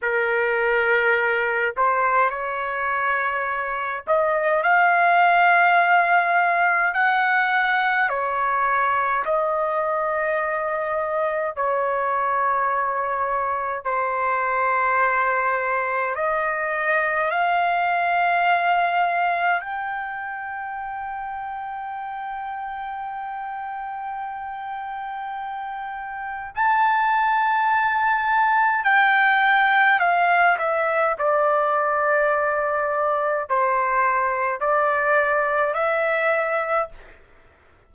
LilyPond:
\new Staff \with { instrumentName = "trumpet" } { \time 4/4 \tempo 4 = 52 ais'4. c''8 cis''4. dis''8 | f''2 fis''4 cis''4 | dis''2 cis''2 | c''2 dis''4 f''4~ |
f''4 g''2.~ | g''2. a''4~ | a''4 g''4 f''8 e''8 d''4~ | d''4 c''4 d''4 e''4 | }